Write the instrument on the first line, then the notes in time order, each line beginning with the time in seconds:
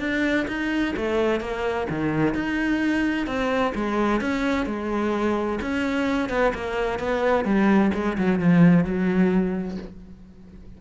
cello
0.00 D4
0.48 D#4
0.96 A3
1.41 A#3
1.90 D#3
2.35 D#4
3.27 C4
3.75 G#3
4.21 C#4
4.66 G#3
5.62 C#4
6.29 B3
6.55 A#3
7.00 B3
7.45 G3
7.94 G#3
8.18 F#3
8.40 F3
8.85 F#3